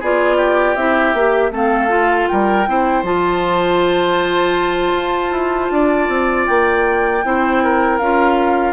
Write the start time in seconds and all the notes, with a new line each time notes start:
0.00 B3 F4 G#4 D5
0.37 G4
0.76 C4 E4 E5
1.14 A#3 G4
1.51 A3 C4 A4 F5
1.89 F4
2.28 G3 A#4 G5
2.68 C4 E4 C5
3.03 F3 F4 A5
4.94 F4
5.31 E4
5.70 D4 D5
6.09 C4
6.47 A#3 G5
7.24 C4 E4 C5
7.64 A#4
7.98 C#4 F4 F5